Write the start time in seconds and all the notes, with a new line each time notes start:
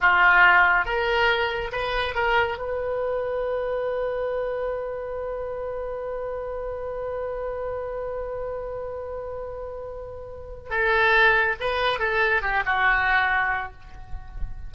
0.01 F4
0.85 A#4
1.72 B4
2.14 A#4
2.58 B4
10.70 A4
11.60 B4
11.99 A4
12.42 G4
12.65 F#4